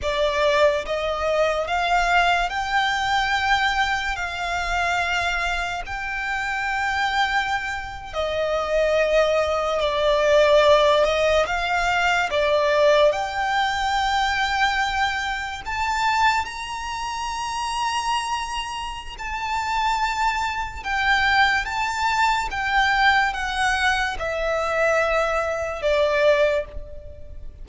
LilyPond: \new Staff \with { instrumentName = "violin" } { \time 4/4 \tempo 4 = 72 d''4 dis''4 f''4 g''4~ | g''4 f''2 g''4~ | g''4.~ g''16 dis''2 d''16~ | d''4~ d''16 dis''8 f''4 d''4 g''16~ |
g''2~ g''8. a''4 ais''16~ | ais''2. a''4~ | a''4 g''4 a''4 g''4 | fis''4 e''2 d''4 | }